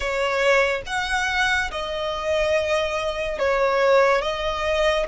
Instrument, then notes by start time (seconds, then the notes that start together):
violin
0.00 C#5
0.86 F#5
1.71 D#5
3.38 C#5
4.21 D#5